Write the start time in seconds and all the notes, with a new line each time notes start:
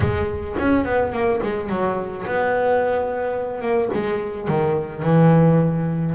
0.00 G#3
0.58 C#4
0.84 B3
1.12 A#3
1.42 G#3
1.69 F#3
2.26 B3
3.61 A#3
3.93 G#3
4.48 D#3
5.02 E3